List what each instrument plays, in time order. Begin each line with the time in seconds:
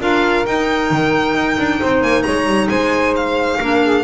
0.00 double bass D4, clarinet F4, saxophone A#4, violin F5
0.46 double bass D#4, clarinet D#4, violin G5
0.90 double bass D#3
1.34 double bass D#4
1.58 double bass D4
1.79 double bass C4, saxophone C5
2.01 double bass A#3, violin G#5
2.23 double bass G#3, saxophone C#5, violin A#5
2.45 double bass G3
2.69 double bass G#3, saxophone C5, violin G#5
3.16 violin F5
3.60 double bass A#3, clarinet D4, saxophone A#4
3.83 saxophone G#4